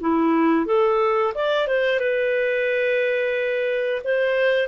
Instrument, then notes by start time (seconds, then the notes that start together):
clarinet
0.00 E4
0.66 A4
1.34 D5
1.67 C5
1.99 B4
4.04 C5